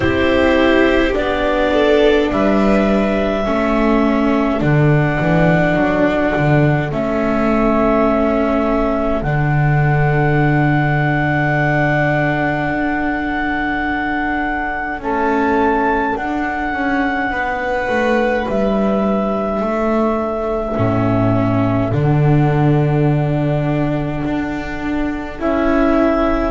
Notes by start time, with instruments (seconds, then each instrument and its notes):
0.00 double bass C4, viola E4, violin G4, clarinet C5
1.13 double bass B3, viola D4, clarinet D5
1.73 violin A4
2.31 double bass G3, violin B4, clarinet E5
3.44 double bass A3, viola C#4, violin A4
4.59 double bass D3, viola D4, clarinet F#5
5.20 double bass E3
5.75 double bass F#3
6.36 double bass D3
6.91 double bass A3, viola C#4, clarinet E5
9.22 double bass D3, viola D4, clarinet F#5
12.68 double bass D4
14.98 viola A3, double bass C#4, clarinet A5
16.14 viola D4, double bass D4, clarinet F#5
16.72 double bass C#4
17.30 double bass B3, violin B4
17.88 double bass A3
18.48 double bass G3, clarinet E5
19.60 double bass A3, violin A4
20.75 double bass A2, viola C#4
21.91 double bass D3, viola D4, clarinet F#5
24.25 double bass D4
25.39 double bass C#4, viola E4, clarinet E5